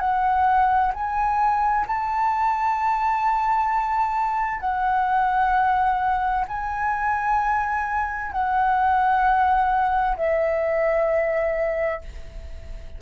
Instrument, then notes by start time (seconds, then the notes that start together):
flute
0.00 F#5
0.94 G#5
1.87 A5
4.60 F#5
6.48 G#5
8.32 F#5
10.17 E5